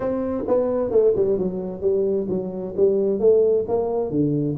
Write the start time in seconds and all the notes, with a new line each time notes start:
0.00 C4
0.47 B3
0.90 A3
1.16 G3
1.38 F#3
1.81 G3
2.28 F#3
2.76 G3
3.19 A3
3.67 A#3
4.10 D3